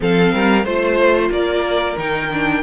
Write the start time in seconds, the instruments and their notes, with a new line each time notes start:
0.00 cello F3, viola C4, violin A4 F5
0.33 cello G3, violin A#4
0.64 cello A3, viola F4, violin C5
1.30 cello A#3, violin A#4 D5
1.97 cello D#3, viola D#4, violin G5
2.32 viola D4